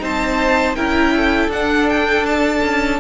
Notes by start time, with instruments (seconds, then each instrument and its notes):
0.00 cello C4, viola D#4, violin C5 A5
0.76 cello C#4, viola E4, violin A#4 G5
1.17 violin A4
1.48 cello D4, viola D4, violin F#5
1.89 violin G5
2.26 violin A5
2.63 cello C#4